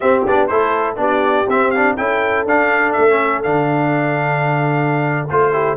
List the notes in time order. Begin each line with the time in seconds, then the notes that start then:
0.00 C4 G4 E5
0.25 B3 D4 D5
0.47 A3 E4 A4 C5
0.96 B3 D4 G4 D5
1.47 C4 E5
1.71 D4 F5
1.96 C#4 E4 A4 G5
2.45 D4 F5
2.92 A3 E5
3.09 C#4
3.43 D3 D4 F5
5.29 A3 F4 C5
5.52 E4 G4